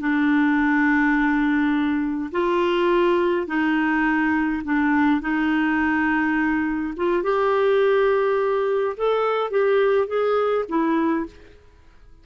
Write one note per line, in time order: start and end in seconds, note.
0.00 2.31 D4
2.32 3.47 F4
3.47 4.63 D#4
4.64 5.21 D4
5.21 6.94 D#4
6.97 7.23 F4
7.23 8.96 G4
8.97 9.51 A4
9.51 10.08 G4
10.08 10.65 G#4
10.69 11.26 E4